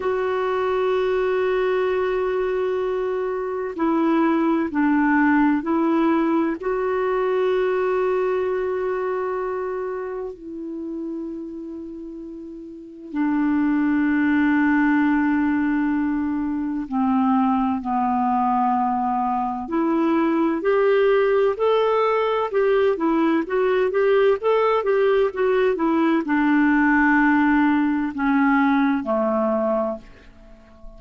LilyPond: \new Staff \with { instrumentName = "clarinet" } { \time 4/4 \tempo 4 = 64 fis'1 | e'4 d'4 e'4 fis'4~ | fis'2. e'4~ | e'2 d'2~ |
d'2 c'4 b4~ | b4 e'4 g'4 a'4 | g'8 e'8 fis'8 g'8 a'8 g'8 fis'8 e'8 | d'2 cis'4 a4 | }